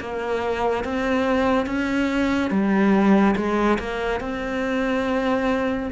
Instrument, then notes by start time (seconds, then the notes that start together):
cello
0.00 A#3
0.84 C4
1.66 C#4
2.50 G3
3.36 G#3
3.79 A#3
4.20 C4